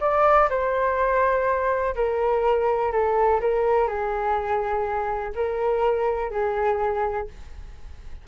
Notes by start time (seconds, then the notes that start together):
0.00 D5
0.49 C5
1.95 A#4
2.92 A4
3.40 A#4
3.87 G#4
5.35 A#4
6.31 G#4